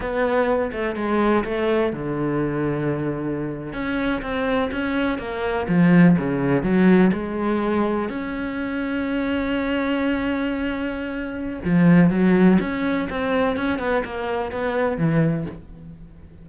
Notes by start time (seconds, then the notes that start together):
0.00 B3
0.71 A3
0.95 G#3
1.44 A3
1.92 D3
3.73 C#4
4.21 C4
4.71 C#4
5.18 A#3
5.68 F3
6.18 C#3
6.62 F#3
7.12 G#3
8.09 C#4
11.64 F3
12.10 F#3
12.59 C#4
13.09 C4
13.56 C#4
13.79 B3
14.04 A#3
14.51 B3
14.97 E3